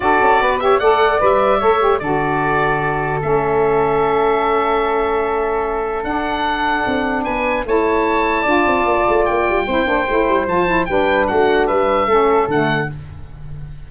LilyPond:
<<
  \new Staff \with { instrumentName = "oboe" } { \time 4/4 \tempo 4 = 149 d''4. e''8 fis''4 e''4~ | e''4 d''2. | e''1~ | e''2. fis''4~ |
fis''2 gis''4 a''4~ | a''2. g''4~ | g''2 a''4 g''4 | fis''4 e''2 fis''4 | }
  \new Staff \with { instrumentName = "flute" } { \time 4/4 a'4 b'8 cis''8 d''2 | cis''4 a'2.~ | a'1~ | a'1~ |
a'2 b'4 cis''4~ | cis''4 d''2. | c''2. b'4 | fis'4 b'4 a'2 | }
  \new Staff \with { instrumentName = "saxophone" } { \time 4/4 fis'4. g'8 a'4 b'4 | a'8 g'8 fis'2. | cis'1~ | cis'2. d'4~ |
d'2. e'4~ | e'4 f'2. | e'8 d'8 e'4 f'8 e'8 d'4~ | d'2 cis'4 a4 | }
  \new Staff \with { instrumentName = "tuba" } { \time 4/4 d'8 cis'8 b4 a4 g4 | a4 d2. | a1~ | a2. d'4~ |
d'4 c'4 b4 a4~ | a4 d'8 c'8 ais8 a8 ais8 g8 | c'8 ais8 a8 g8 f4 g4 | a4 g4 a4 d4 | }
>>